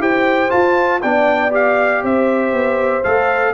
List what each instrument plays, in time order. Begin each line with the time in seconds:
0.00 tuba E4, trombone G4, horn C5, trumpet G5
0.50 trombone F4, tuba F4, trumpet A5
1.02 tuba B3, trombone D4, horn D5, trumpet G5
1.51 trombone G4, trumpet F5
2.03 tuba C4, horn C5, trumpet E5
2.53 tuba B3
3.04 tuba A3, trombone A4, trumpet F5